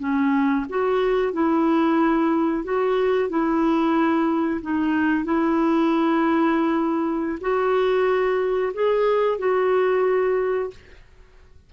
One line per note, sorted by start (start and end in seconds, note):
0.00 0.66 C#4
0.70 1.33 F#4
1.33 2.64 E4
2.64 3.29 F#4
3.29 4.61 E4
4.62 5.25 D#4
5.25 7.39 E4
7.41 8.73 F#4
8.74 9.39 G#4
9.39 10.71 F#4